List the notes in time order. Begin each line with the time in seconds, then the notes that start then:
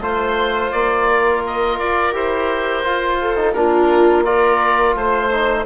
0.00 A3 F4 C5
0.71 A#3 D5
1.08 A#4
1.46 D#5
1.79 F4 D5
2.12 E4 G4 C5
2.84 F4
3.21 A4
3.36 D#4
3.53 A#3 D4 F4 A#4
4.24 F4 A#4 D5
4.95 A3 C5
5.31 D#4